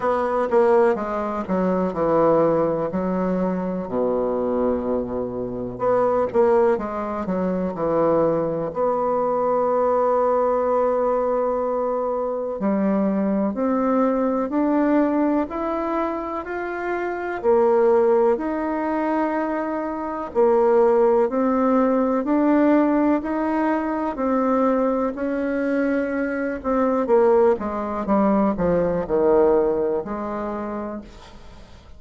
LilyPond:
\new Staff \with { instrumentName = "bassoon" } { \time 4/4 \tempo 4 = 62 b8 ais8 gis8 fis8 e4 fis4 | b,2 b8 ais8 gis8 fis8 | e4 b2.~ | b4 g4 c'4 d'4 |
e'4 f'4 ais4 dis'4~ | dis'4 ais4 c'4 d'4 | dis'4 c'4 cis'4. c'8 | ais8 gis8 g8 f8 dis4 gis4 | }